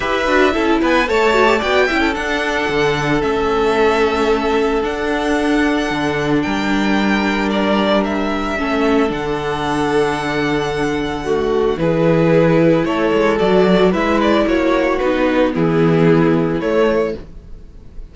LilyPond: <<
  \new Staff \with { instrumentName = "violin" } { \time 4/4 \tempo 4 = 112 e''4. gis''8 a''4 g''4 | fis''2 e''2~ | e''4 fis''2. | g''2 d''4 e''4~ |
e''4 fis''2.~ | fis''2 b'2 | cis''4 d''4 e''8 d''8 cis''4 | b'4 gis'2 cis''4 | }
  \new Staff \with { instrumentName = "violin" } { \time 4/4 b'4 a'8 b'8 cis''4 d''8 e''16 a'16~ | a'1~ | a'1 | ais'1 |
a'1~ | a'4 fis'4 gis'2 | a'2 b'4 fis'4~ | fis'4 e'2. | }
  \new Staff \with { instrumentName = "viola" } { \time 4/4 g'8 fis'8 e'4 a'8 fis'16 g'16 fis'8 e'8 | d'2 cis'2~ | cis'4 d'2.~ | d'1 |
cis'4 d'2.~ | d'4 a4 e'2~ | e'4 fis'4 e'2 | dis'4 b2 a4 | }
  \new Staff \with { instrumentName = "cello" } { \time 4/4 e'8 d'8 cis'8 b8 a4 b8 cis'8 | d'4 d4 a2~ | a4 d'2 d4 | g1 |
a4 d2.~ | d2 e2 | a8 gis8 fis4 gis4 ais4 | b4 e2 a4 | }
>>